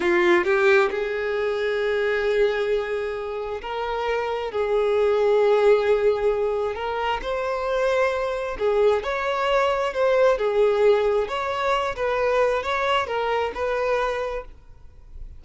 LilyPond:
\new Staff \with { instrumentName = "violin" } { \time 4/4 \tempo 4 = 133 f'4 g'4 gis'2~ | gis'1 | ais'2 gis'2~ | gis'2. ais'4 |
c''2. gis'4 | cis''2 c''4 gis'4~ | gis'4 cis''4. b'4. | cis''4 ais'4 b'2 | }